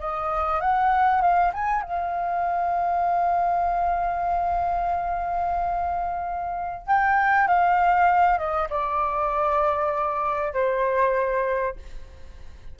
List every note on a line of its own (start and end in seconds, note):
0.00 0.61 D#5
0.61 1.22 F#5
1.22 1.52 F5
1.54 1.82 G#5
1.82 6.87 F5
6.87 7.47 G5
7.47 8.38 F5
8.38 8.69 D#5
8.70 10.54 D5
10.54 11.76 C5